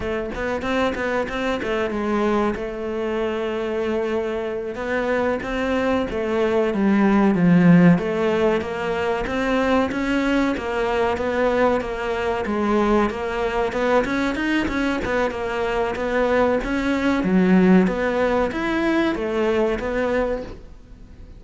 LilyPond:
\new Staff \with { instrumentName = "cello" } { \time 4/4 \tempo 4 = 94 a8 b8 c'8 b8 c'8 a8 gis4 | a2.~ a8 b8~ | b8 c'4 a4 g4 f8~ | f8 a4 ais4 c'4 cis'8~ |
cis'8 ais4 b4 ais4 gis8~ | gis8 ais4 b8 cis'8 dis'8 cis'8 b8 | ais4 b4 cis'4 fis4 | b4 e'4 a4 b4 | }